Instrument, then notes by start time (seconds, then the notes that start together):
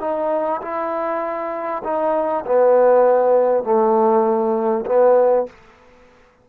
trombone
0.00 D#4
0.61 E4
1.84 D#4
2.45 B3
3.64 A3
4.85 B3